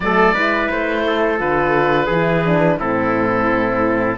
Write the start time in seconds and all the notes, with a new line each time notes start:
0.00 F#3 A3 A4 D5
0.33 G#3 E4 B4
0.70 A3 C5
1.07 A4
1.38 D3 F4 B4
2.06 E3 E4 G#4
2.45 D4
2.79 A2 C4 E4 A4